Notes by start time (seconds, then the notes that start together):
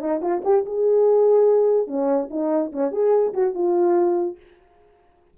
0.00 D#4
0.21 F4
0.44 G4
0.66 G#4
1.87 C#4
2.30 D#4
2.72 C#4
2.92 G#4
3.33 F#4
3.54 F4